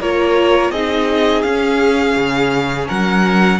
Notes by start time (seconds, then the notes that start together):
0.00 A#3 F4 A#4 C#5
0.70 C4 D#4 G#4 D#5
1.42 C#4 F5
2.16 C#3
2.87 F#3 A#4 F#5